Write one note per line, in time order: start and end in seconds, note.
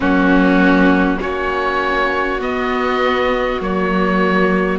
0.00 1.21 F#3
0.00 1.19 A#3
0.00 1.19 C#4
0.00 1.21 F#4
1.19 2.41 A#3
1.19 2.39 C#4
1.19 4.79 F#4
1.19 2.41 C#5
2.40 3.60 B3
2.40 3.61 D#5
3.60 4.79 F#3
3.60 4.79 A#3
3.60 4.79 C#5